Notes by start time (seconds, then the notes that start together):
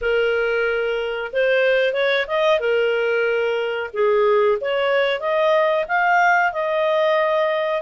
0.01 A#4
1.33 C5
1.93 C#5
2.27 D#5
2.59 A#4
3.93 G#4
4.60 C#5
5.20 D#5
5.88 F5
6.52 D#5